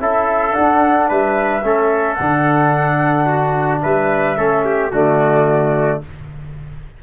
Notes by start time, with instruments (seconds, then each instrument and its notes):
0.00 tuba C#4, trombone E4, trumpet A4, flute E5
0.52 trombone D4, tuba D4, flute F#5
1.09 tuba G3, trumpet B4, flute E5
1.64 tuba A3, trombone C#4, trumpet A4
2.15 tuba D3, trombone D4, flute F#5
3.26 trumpet F#4
3.82 tuba G3, trumpet B4, flute E5
4.37 tuba A3, trombone C#4, trumpet A4
4.65 trumpet G4
4.92 tuba D3, trombone A3, trumpet F#4, flute D5